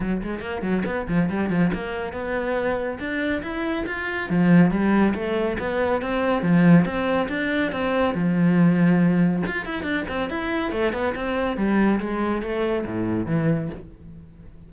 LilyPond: \new Staff \with { instrumentName = "cello" } { \time 4/4 \tempo 4 = 140 fis8 gis8 ais8 fis8 b8 f8 g8 f8 | ais4 b2 d'4 | e'4 f'4 f4 g4 | a4 b4 c'4 f4 |
c'4 d'4 c'4 f4~ | f2 f'8 e'8 d'8 c'8 | e'4 a8 b8 c'4 g4 | gis4 a4 a,4 e4 | }